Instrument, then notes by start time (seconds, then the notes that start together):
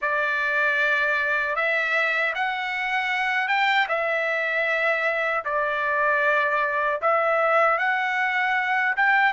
trumpet
0.01 D5
1.55 E5
2.34 F#5
3.47 G5
3.88 E5
5.44 D5
7.01 E5
7.78 F#5
8.96 G5